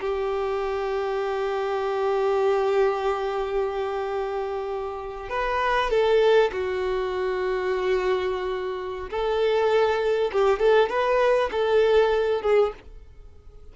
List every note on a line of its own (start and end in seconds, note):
0.00 5.29 G4
5.29 5.90 B4
5.90 6.51 A4
6.52 9.09 F#4
9.10 10.31 A4
10.32 10.59 G4
10.59 10.89 A4
10.89 11.50 B4
11.51 12.42 A4
12.42 12.72 G#4